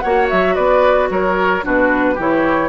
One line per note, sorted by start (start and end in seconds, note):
0.00 0.31 A#3
0.00 1.62 F#4
0.00 0.55 C#5
0.00 0.27 F#5
0.30 0.58 F#3
0.30 0.55 E5
0.55 1.10 B3
0.55 1.09 B4
0.55 1.09 D5
1.10 1.64 F#3
1.10 1.65 A#4
1.10 1.65 C#5
1.62 2.18 B2
1.62 2.16 D4
1.62 2.15 F#4
1.62 2.20 B4
2.15 2.69 E3
2.15 2.69 E4
2.15 2.69 G4
2.15 2.69 C#5